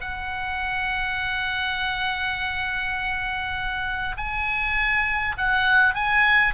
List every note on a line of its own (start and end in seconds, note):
0.00 4.16 F#5
4.17 5.36 G#5
5.37 5.94 F#5
5.94 6.53 G#5